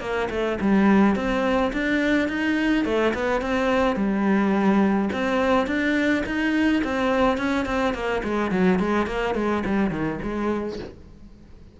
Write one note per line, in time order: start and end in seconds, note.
0.00 0.28 A#3
0.30 0.58 A3
0.60 1.15 G3
1.15 1.72 C4
1.72 2.28 D4
2.28 2.85 D#4
2.85 3.13 A3
3.14 3.41 B3
3.41 3.96 C4
3.96 5.09 G3
5.12 5.66 C4
5.66 6.23 D4
6.25 6.82 D#4
6.84 7.37 C4
7.37 7.65 C#4
7.65 7.93 C4
7.93 8.22 A#3
8.23 8.51 G#3
8.51 8.79 F#3
8.79 9.06 G#3
9.06 9.34 A#3
9.34 9.63 G#3
9.65 9.90 G3
9.90 10.19 D#3
10.22 10.79 G#3